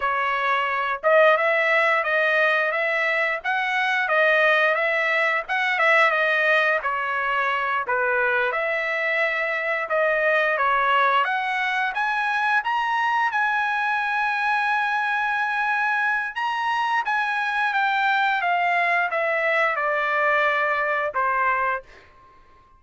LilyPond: \new Staff \with { instrumentName = "trumpet" } { \time 4/4 \tempo 4 = 88 cis''4. dis''8 e''4 dis''4 | e''4 fis''4 dis''4 e''4 | fis''8 e''8 dis''4 cis''4. b'8~ | b'8 e''2 dis''4 cis''8~ |
cis''8 fis''4 gis''4 ais''4 gis''8~ | gis''1 | ais''4 gis''4 g''4 f''4 | e''4 d''2 c''4 | }